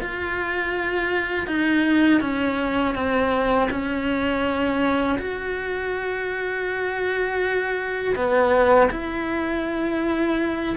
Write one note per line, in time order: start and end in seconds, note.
0.00 1.46 F4
1.46 2.21 D#4
2.21 2.94 C#4
2.94 3.68 C4
3.70 5.18 C#4
5.19 8.15 F#4
8.15 8.89 B3
8.91 10.76 E4